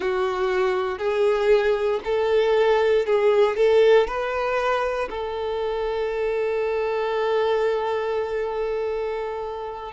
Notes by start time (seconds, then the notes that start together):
0.00 F#4
0.98 G#4
2.04 A4
3.06 G#4
3.56 A4
4.07 B4
5.09 A4